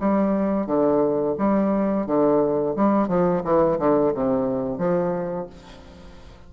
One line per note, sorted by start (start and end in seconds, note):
0.00 0.67 G3
0.67 1.36 D3
1.39 2.07 G3
2.07 2.76 D3
2.76 3.08 G3
3.08 3.43 F3
3.45 3.79 E3
3.79 4.14 D3
4.14 4.78 C3
4.78 5.47 F3